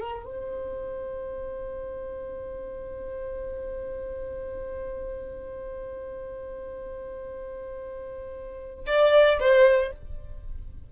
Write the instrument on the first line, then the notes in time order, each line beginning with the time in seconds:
violin
0.00 A#4
0.25 C5
8.86 D5
9.39 C5